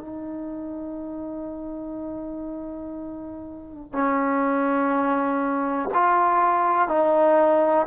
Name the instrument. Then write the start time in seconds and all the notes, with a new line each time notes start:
trombone
0.00 D#4
3.93 C#4
5.95 F4
6.89 D#4